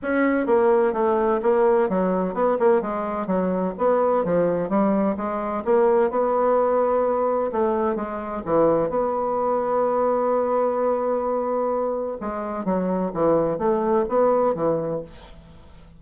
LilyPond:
\new Staff \with { instrumentName = "bassoon" } { \time 4/4 \tempo 4 = 128 cis'4 ais4 a4 ais4 | fis4 b8 ais8 gis4 fis4 | b4 f4 g4 gis4 | ais4 b2. |
a4 gis4 e4 b4~ | b1~ | b2 gis4 fis4 | e4 a4 b4 e4 | }